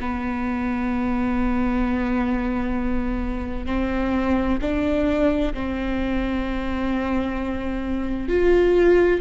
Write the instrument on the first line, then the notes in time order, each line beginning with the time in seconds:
viola
0.00 B3
3.66 C4
4.61 D4
5.53 C4
8.28 F4